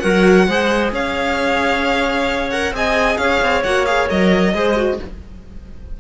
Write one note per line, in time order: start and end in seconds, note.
0.00 0.48 F#3
0.00 0.48 F#4
0.00 0.47 A#4
0.00 0.90 F#5
0.48 0.92 G#3
0.48 2.52 G#4
0.48 0.94 C5
0.92 2.72 C#4
0.92 2.75 C#5
0.92 2.51 F5
2.51 2.74 A#4
2.51 2.73 F#5
2.72 3.17 C4
2.72 3.64 G#4
2.72 3.21 D#5
2.72 3.18 G#5
3.18 3.41 C#4
3.18 4.56 C#5
3.18 3.63 F5
3.42 3.65 C4
3.64 4.10 A#3
3.64 3.87 F#4
3.64 3.86 F#5
3.86 4.09 G#4
3.86 4.08 F5
4.09 4.54 F#3
4.09 4.54 A#4
4.09 5.00 D#5
4.54 4.99 G#3
4.54 4.77 G#4
4.54 5.01 C5
4.77 4.99 F#4